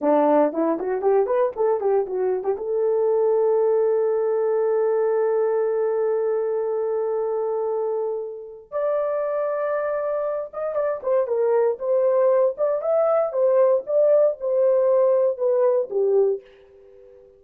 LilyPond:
\new Staff \with { instrumentName = "horn" } { \time 4/4 \tempo 4 = 117 d'4 e'8 fis'8 g'8 b'8 a'8 g'8 | fis'8. g'16 a'2.~ | a'1~ | a'1~ |
a'4 d''2.~ | d''8 dis''8 d''8 c''8 ais'4 c''4~ | c''8 d''8 e''4 c''4 d''4 | c''2 b'4 g'4 | }